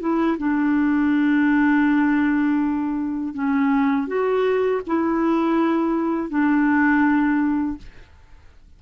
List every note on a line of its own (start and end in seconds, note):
0.00 0.37 E4
0.38 3.34 D4
3.34 4.07 C#4
4.07 4.81 F#4
4.87 6.30 E4
6.30 7.78 D4